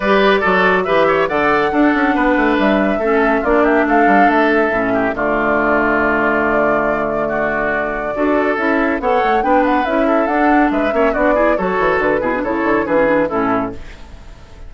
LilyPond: <<
  \new Staff \with { instrumentName = "flute" } { \time 4/4 \tempo 4 = 140 d''2 e''4 fis''4~ | fis''2 e''2 | d''8 e''8 f''4 e''2 | d''1~ |
d''1 | e''4 fis''4 g''8 fis''8 e''4 | fis''4 e''4 d''4 cis''4 | b'4 cis''4 b'4 a'4 | }
  \new Staff \with { instrumentName = "oboe" } { \time 4/4 b'4 a'4 b'8 cis''8 d''4 | a'4 b'2 a'4 | f'8 g'8 a'2~ a'8 g'8 | f'1~ |
f'4 fis'2 a'4~ | a'4 cis''4 b'4. a'8~ | a'4 b'8 cis''8 fis'8 gis'8 a'4~ | a'8 gis'8 a'4 gis'4 e'4 | }
  \new Staff \with { instrumentName = "clarinet" } { \time 4/4 g'4 fis'4 g'4 a'4 | d'2. cis'4 | d'2. cis'4 | a1~ |
a2. fis'4 | e'4 a'4 d'4 e'4 | d'4. cis'8 d'8 e'8 fis'4~ | fis'8 e'16 d'16 e'4 d'16 cis'16 d'8 cis'4 | }
  \new Staff \with { instrumentName = "bassoon" } { \time 4/4 g4 fis4 e4 d4 | d'8 cis'8 b8 a8 g4 a4 | ais4 a8 g8 a4 a,4 | d1~ |
d2. d'4 | cis'4 b8 a8 b4 cis'4 | d'4 gis8 ais8 b4 fis8 e8 | d8 b,8 cis8 d8 e4 a,4 | }
>>